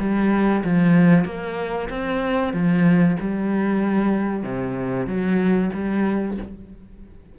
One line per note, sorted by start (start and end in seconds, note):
0.00 0.64 G3
0.64 1.25 F3
1.25 1.89 A#3
1.90 2.54 C4
2.54 3.17 F3
3.20 4.44 G3
4.44 5.07 C3
5.07 5.71 F#3
5.74 6.38 G3